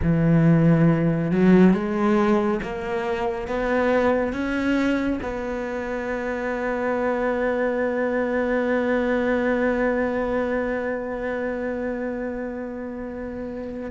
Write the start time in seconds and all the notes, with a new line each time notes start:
0.02 E3
1.31 F#3
1.73 G#3
2.62 A#3
3.47 B3
4.32 C#4
5.22 B3